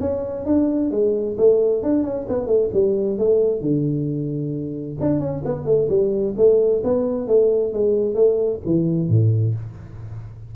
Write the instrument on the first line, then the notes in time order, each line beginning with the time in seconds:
tuba
0.00 C#4
0.45 D4
0.91 G#3
1.37 A3
1.82 D4
2.04 C#4
2.29 B3
2.47 A3
2.73 G3
3.18 A3
3.61 D3
5.00 D4
5.20 C#4
5.45 B3
5.65 A3
5.89 G3
6.37 A3
6.84 B3
7.27 A3
7.73 G#3
8.14 A3
8.65 E3
9.09 A2